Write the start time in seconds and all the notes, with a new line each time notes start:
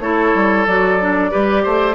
0.00 A3 E4 A4 C#5
0.35 G3
0.67 F#3 F#4 D5
1.00 D4
1.31 G3 G4 B4
1.63 A3 C5